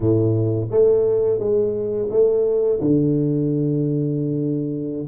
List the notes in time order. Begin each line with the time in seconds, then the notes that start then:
0.00 A2
0.70 A3
1.39 G#3
2.10 A3
2.80 D3